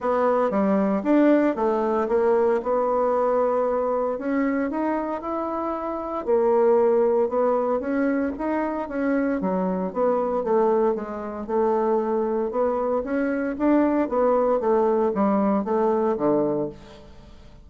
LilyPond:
\new Staff \with { instrumentName = "bassoon" } { \time 4/4 \tempo 4 = 115 b4 g4 d'4 a4 | ais4 b2. | cis'4 dis'4 e'2 | ais2 b4 cis'4 |
dis'4 cis'4 fis4 b4 | a4 gis4 a2 | b4 cis'4 d'4 b4 | a4 g4 a4 d4 | }